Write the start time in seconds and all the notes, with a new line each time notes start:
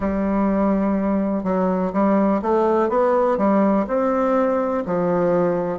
0.00 G3
1.43 F#3
1.92 G3
2.42 A3
2.89 B3
3.37 G3
3.87 C4
4.85 F3